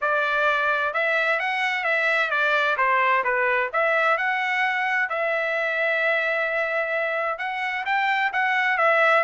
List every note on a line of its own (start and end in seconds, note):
0.01 0.93 D5
0.93 1.39 E5
1.39 1.84 F#5
1.84 2.30 E5
2.30 2.76 D5
2.77 3.23 C5
3.23 3.70 B4
3.73 4.17 E5
4.17 5.09 F#5
5.09 7.38 E5
7.38 7.84 F#5
7.85 8.31 G5
8.33 8.77 F#5
8.77 9.23 E5